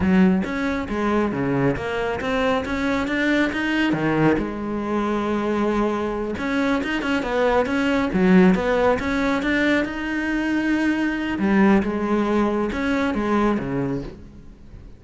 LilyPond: \new Staff \with { instrumentName = "cello" } { \time 4/4 \tempo 4 = 137 fis4 cis'4 gis4 cis4 | ais4 c'4 cis'4 d'4 | dis'4 dis4 gis2~ | gis2~ gis8 cis'4 dis'8 |
cis'8 b4 cis'4 fis4 b8~ | b8 cis'4 d'4 dis'4.~ | dis'2 g4 gis4~ | gis4 cis'4 gis4 cis4 | }